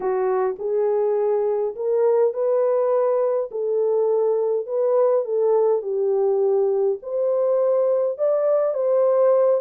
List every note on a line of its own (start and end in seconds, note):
0.00 0.56 F#4
0.58 1.75 G#4
1.75 2.33 A#4
2.33 3.50 B4
3.51 4.66 A4
4.66 5.24 B4
5.24 5.81 A4
5.81 6.98 G4
7.02 8.17 C5
8.17 8.74 D5
8.74 9.61 C5